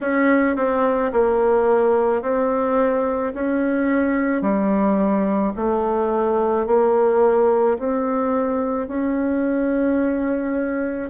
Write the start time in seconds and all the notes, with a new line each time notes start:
0.01 C#4
0.56 C4
1.12 A#3
2.22 C4
3.34 C#4
4.41 G3
5.56 A3
6.66 A#3
7.78 C4
8.87 C#4